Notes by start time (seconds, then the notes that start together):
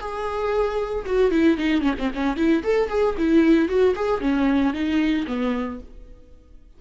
0.00 G#4
1.06 F#4
1.31 E4
1.57 D#4
1.82 C#4
1.99 C4
2.14 C#4
2.37 E4
2.64 A4
2.89 G#4
3.18 E4
3.69 F#4
3.96 G#4
4.21 C#4
4.74 D#4
5.27 B3